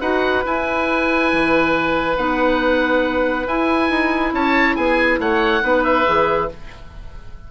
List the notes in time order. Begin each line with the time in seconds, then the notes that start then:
0.00 D#4 F#4 B4 F#5
0.44 E4 G#5
1.32 E3
2.16 B3 D#4 F#5
3.45 E4 G#5
3.89 D#4
4.32 C#4 C#5 A5
4.76 B3 G#4 G#5
5.19 A3 C#5 F#5
5.61 B3 D#4 B4
5.83 E5
6.05 E3 G#4